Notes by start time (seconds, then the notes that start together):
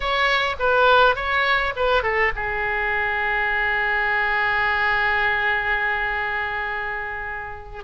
0.00 C#5
0.59 B4
1.15 C#5
1.76 B4
2.03 A4
2.35 G#4